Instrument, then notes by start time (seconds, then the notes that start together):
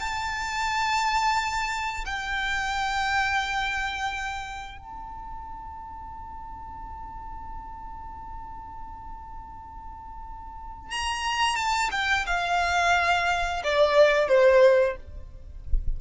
violin
0.00 A5
2.05 G5
4.78 A5
10.91 A#5
11.56 A5
11.91 G5
12.26 F5
13.64 D5
14.28 C5